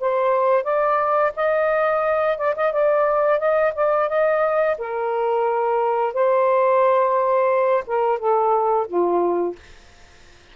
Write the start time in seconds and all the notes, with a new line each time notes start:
0.00 C5
0.64 D5
1.36 D#5
2.38 D5
2.56 D#5
2.72 D5
3.39 D#5
3.75 D5
4.09 D#5
4.78 A#4
6.13 C5
7.87 A#4
8.19 A4
8.88 F4